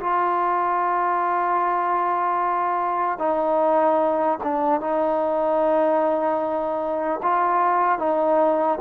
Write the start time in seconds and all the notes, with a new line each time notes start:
0.00 F4
3.19 D#4
4.44 D4
4.81 D#4
7.23 F4
7.99 D#4